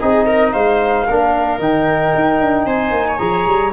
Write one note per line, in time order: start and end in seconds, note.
0.00 0.54 C4
0.00 1.07 D#4
0.00 0.27 G#4
0.00 0.53 D#5
0.27 0.53 A#4
0.53 1.07 G#3
0.53 1.06 C5
0.53 1.59 F5
1.08 1.59 A#3
1.08 1.60 D4
1.08 2.67 A#4
1.59 2.12 D#3
1.59 3.18 D#4
1.59 2.66 G5
2.15 2.40 D#4
2.40 2.65 D4
2.65 2.91 C4
2.65 3.06 C5
2.65 3.18 G#5
2.91 3.18 A#3
3.08 3.73 C#5
3.18 3.46 F3
3.18 3.72 G#4
3.18 3.71 A#5
3.47 3.73 G3